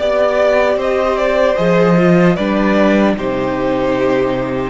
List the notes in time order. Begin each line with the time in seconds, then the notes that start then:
0.00 B3 G4 D5
0.76 C4 C5 D#5
1.18 D5
1.57 F3 G#4 D#5
1.98 F4
2.36 G3 D4 B4 D5
3.17 C3 D#4 G4 C5